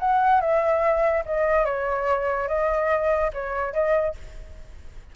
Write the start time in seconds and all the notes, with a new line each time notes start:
0.00 F#5
0.41 E5
1.26 D#5
1.66 C#5
2.48 D#5
3.34 C#5
3.73 D#5